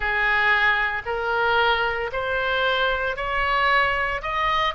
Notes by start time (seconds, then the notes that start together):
0.00 G#4
1.05 A#4
2.12 C5
3.16 C#5
4.22 D#5